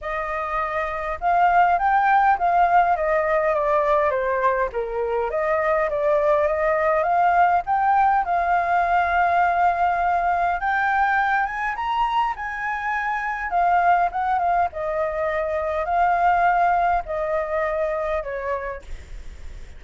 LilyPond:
\new Staff \with { instrumentName = "flute" } { \time 4/4 \tempo 4 = 102 dis''2 f''4 g''4 | f''4 dis''4 d''4 c''4 | ais'4 dis''4 d''4 dis''4 | f''4 g''4 f''2~ |
f''2 g''4. gis''8 | ais''4 gis''2 f''4 | fis''8 f''8 dis''2 f''4~ | f''4 dis''2 cis''4 | }